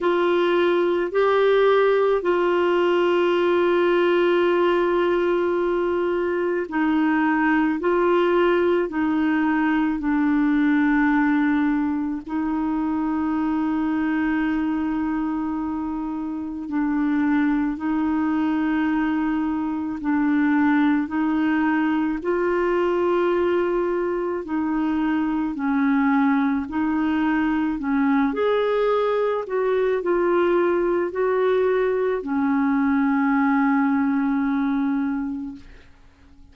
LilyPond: \new Staff \with { instrumentName = "clarinet" } { \time 4/4 \tempo 4 = 54 f'4 g'4 f'2~ | f'2 dis'4 f'4 | dis'4 d'2 dis'4~ | dis'2. d'4 |
dis'2 d'4 dis'4 | f'2 dis'4 cis'4 | dis'4 cis'8 gis'4 fis'8 f'4 | fis'4 cis'2. | }